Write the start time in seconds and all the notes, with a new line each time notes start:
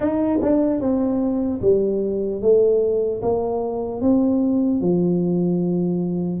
0.00 D#4
0.42 D4
0.80 C4
1.61 G3
2.41 A3
3.22 A#3
4.01 C4
4.80 F3